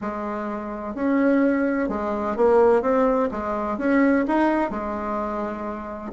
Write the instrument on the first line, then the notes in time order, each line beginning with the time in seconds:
bassoon
0.01 G#3
0.94 C#4
1.89 G#3
2.36 A#3
2.82 C4
3.31 G#3
3.78 C#4
4.27 D#4
4.70 G#3